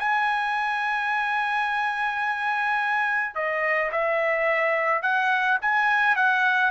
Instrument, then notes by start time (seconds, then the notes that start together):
trumpet
0.00 G#5
3.35 D#5
3.93 E5
5.03 F#5
5.62 G#5
6.16 F#5